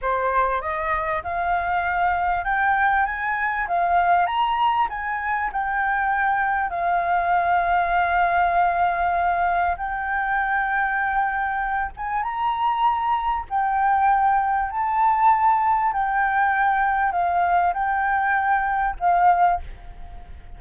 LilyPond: \new Staff \with { instrumentName = "flute" } { \time 4/4 \tempo 4 = 98 c''4 dis''4 f''2 | g''4 gis''4 f''4 ais''4 | gis''4 g''2 f''4~ | f''1 |
g''2.~ g''8 gis''8 | ais''2 g''2 | a''2 g''2 | f''4 g''2 f''4 | }